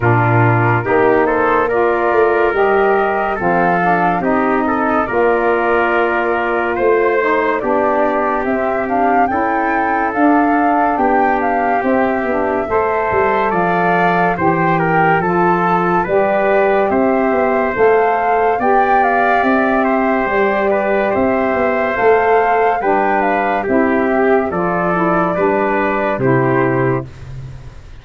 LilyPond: <<
  \new Staff \with { instrumentName = "flute" } { \time 4/4 \tempo 4 = 71 ais'4. c''8 d''4 dis''4 | f''4 dis''4 d''2 | c''4 d''4 e''8 f''8 g''4 | f''4 g''8 f''8 e''2 |
f''4 g''4 a''4 d''4 | e''4 f''4 g''8 f''8 e''4 | d''4 e''4 f''4 g''8 f''8 | e''4 d''2 c''4 | }
  \new Staff \with { instrumentName = "trumpet" } { \time 4/4 f'4 g'8 a'8 ais'2 | a'4 g'8 a'8 ais'2 | c''4 g'2 a'4~ | a'4 g'2 c''4 |
d''4 c''8 ais'8 a'4 b'4 | c''2 d''4. c''8~ | c''8 b'8 c''2 b'4 | g'4 a'4 b'4 g'4 | }
  \new Staff \with { instrumentName = "saxophone" } { \time 4/4 d'4 dis'4 f'4 g'4 | c'8 d'8 dis'4 f'2~ | f'8 dis'8 d'4 c'8 d'8 e'4 | d'2 c'8 d'8 a'4~ |
a'4 g'4 f'4 g'4~ | g'4 a'4 g'2~ | g'2 a'4 d'4 | e'8 g'8 f'8 e'8 d'4 e'4 | }
  \new Staff \with { instrumentName = "tuba" } { \time 4/4 ais,4 ais4. a8 g4 | f4 c'4 ais2 | a4 b4 c'4 cis'4 | d'4 b4 c'8 b8 a8 g8 |
f4 e4 f4 g4 | c'8 b8 a4 b4 c'4 | g4 c'8 b8 a4 g4 | c'4 f4 g4 c4 | }
>>